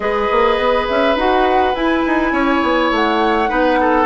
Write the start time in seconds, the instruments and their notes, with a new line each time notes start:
0.00 bassoon G#3, clarinet G#4, oboe B4, flute D#5
0.31 bassoon A#3
0.57 bassoon B3
0.87 bassoon C#4, flute E5
1.15 bassoon D#4, clarinet F#4, flute F#5
1.74 bassoon E4, clarinet E4, flute G#5
2.06 bassoon D#4
2.31 bassoon C#4, oboe C#5
2.62 bassoon B3
2.91 bassoon A3, flute F#5
3.48 bassoon B3, clarinet D#4, oboe B4
3.80 oboe A4